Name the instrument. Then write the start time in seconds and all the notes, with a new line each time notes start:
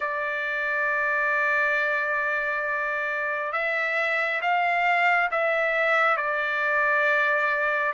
trumpet
0.00 D5
3.52 E5
4.41 F5
5.31 E5
6.16 D5